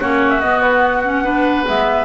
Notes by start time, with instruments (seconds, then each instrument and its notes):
0.00 double bass A#3, clarinet C#4, oboe F#4, flute C#5
0.31 flute E5
0.41 double bass B3, clarinet B3, flute D#5
0.62 flute B4
0.84 flute F#5
1.05 clarinet C#4
1.25 clarinet D4, oboe B4
1.66 double bass G#3, clarinet B3, flute E5